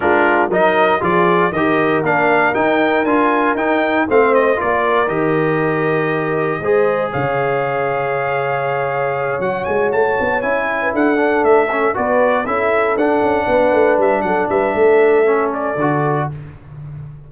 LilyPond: <<
  \new Staff \with { instrumentName = "trumpet" } { \time 4/4 \tempo 4 = 118 ais'4 dis''4 d''4 dis''4 | f''4 g''4 gis''4 g''4 | f''8 dis''8 d''4 dis''2~ | dis''2 f''2~ |
f''2~ f''8 fis''8 gis''8 a''8~ | a''8 gis''4 fis''4 e''4 d''8~ | d''8 e''4 fis''2 e''8 | fis''8 e''2 d''4. | }
  \new Staff \with { instrumentName = "horn" } { \time 4/4 f'4 ais'4 gis'4 ais'4~ | ais'1 | c''4 ais'2.~ | ais'4 c''4 cis''2~ |
cis''1~ | cis''4~ cis''16 b'16 a'2 b'8~ | b'8 a'2 b'4. | a'8 b'8 a'2. | }
  \new Staff \with { instrumentName = "trombone" } { \time 4/4 d'4 dis'4 f'4 g'4 | d'4 dis'4 f'4 dis'4 | c'4 f'4 g'2~ | g'4 gis'2.~ |
gis'2~ gis'8 fis'4.~ | fis'8 e'4. d'4 cis'8 fis'8~ | fis'8 e'4 d'2~ d'8~ | d'2 cis'4 fis'4 | }
  \new Staff \with { instrumentName = "tuba" } { \time 4/4 gis4 fis4 f4 dis4 | ais4 dis'4 d'4 dis'4 | a4 ais4 dis2~ | dis4 gis4 cis2~ |
cis2~ cis8 fis8 gis8 a8 | b8 cis'4 d'4 a4 b8~ | b8 cis'4 d'8 cis'8 b8 a8 g8 | fis8 g8 a2 d4 | }
>>